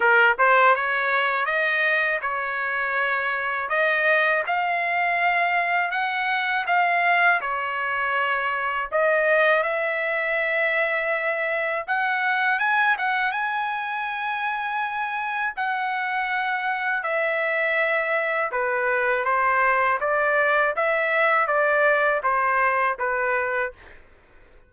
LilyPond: \new Staff \with { instrumentName = "trumpet" } { \time 4/4 \tempo 4 = 81 ais'8 c''8 cis''4 dis''4 cis''4~ | cis''4 dis''4 f''2 | fis''4 f''4 cis''2 | dis''4 e''2. |
fis''4 gis''8 fis''8 gis''2~ | gis''4 fis''2 e''4~ | e''4 b'4 c''4 d''4 | e''4 d''4 c''4 b'4 | }